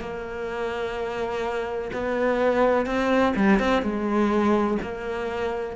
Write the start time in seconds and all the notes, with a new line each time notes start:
0.00 A#3
1.93 B3
2.85 C4
3.35 G3
3.59 C4
3.82 G#3
4.81 A#3